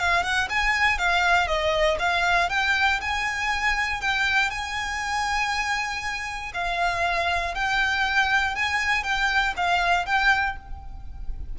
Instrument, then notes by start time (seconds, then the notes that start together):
violin
0.00 F5
0.23 F#5
0.50 G#5
0.99 F5
1.48 D#5
1.99 F5
2.50 G5
3.01 G#5
4.01 G5
4.51 G#5
6.54 F5
7.55 G5
8.56 G#5
9.04 G5
9.57 F5
10.06 G5